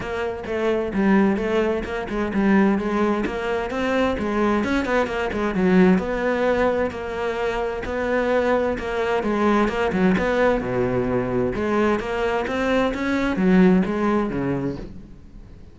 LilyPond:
\new Staff \with { instrumentName = "cello" } { \time 4/4 \tempo 4 = 130 ais4 a4 g4 a4 | ais8 gis8 g4 gis4 ais4 | c'4 gis4 cis'8 b8 ais8 gis8 | fis4 b2 ais4~ |
ais4 b2 ais4 | gis4 ais8 fis8 b4 b,4~ | b,4 gis4 ais4 c'4 | cis'4 fis4 gis4 cis4 | }